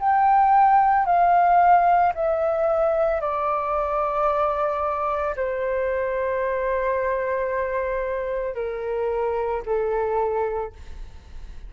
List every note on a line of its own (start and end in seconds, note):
0.00 1.06 G5
1.06 2.13 F5
2.15 3.21 E5
3.21 5.36 D5
5.37 8.55 C5
8.55 9.62 A#4
9.66 10.73 A4